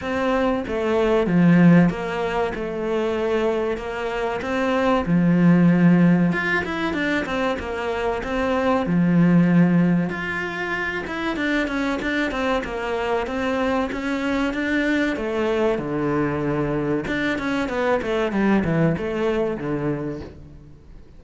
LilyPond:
\new Staff \with { instrumentName = "cello" } { \time 4/4 \tempo 4 = 95 c'4 a4 f4 ais4 | a2 ais4 c'4 | f2 f'8 e'8 d'8 c'8 | ais4 c'4 f2 |
f'4. e'8 d'8 cis'8 d'8 c'8 | ais4 c'4 cis'4 d'4 | a4 d2 d'8 cis'8 | b8 a8 g8 e8 a4 d4 | }